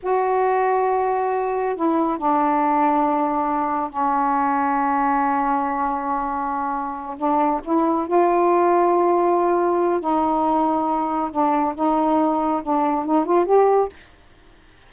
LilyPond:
\new Staff \with { instrumentName = "saxophone" } { \time 4/4 \tempo 4 = 138 fis'1 | e'4 d'2.~ | d'4 cis'2.~ | cis'1~ |
cis'8 d'4 e'4 f'4.~ | f'2. dis'4~ | dis'2 d'4 dis'4~ | dis'4 d'4 dis'8 f'8 g'4 | }